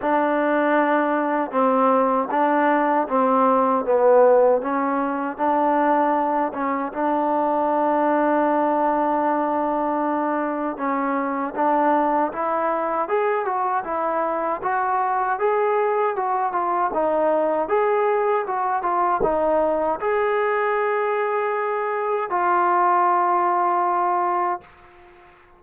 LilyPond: \new Staff \with { instrumentName = "trombone" } { \time 4/4 \tempo 4 = 78 d'2 c'4 d'4 | c'4 b4 cis'4 d'4~ | d'8 cis'8 d'2.~ | d'2 cis'4 d'4 |
e'4 gis'8 fis'8 e'4 fis'4 | gis'4 fis'8 f'8 dis'4 gis'4 | fis'8 f'8 dis'4 gis'2~ | gis'4 f'2. | }